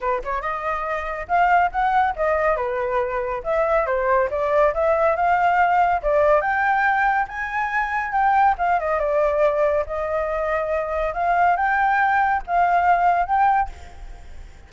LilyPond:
\new Staff \with { instrumentName = "flute" } { \time 4/4 \tempo 4 = 140 b'8 cis''8 dis''2 f''4 | fis''4 dis''4 b'2 | e''4 c''4 d''4 e''4 | f''2 d''4 g''4~ |
g''4 gis''2 g''4 | f''8 dis''8 d''2 dis''4~ | dis''2 f''4 g''4~ | g''4 f''2 g''4 | }